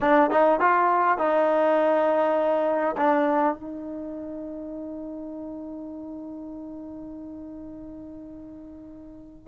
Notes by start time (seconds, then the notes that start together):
0.00 D4
0.30 D#4
0.59 F4
1.17 D#4
2.97 D4
3.55 D#4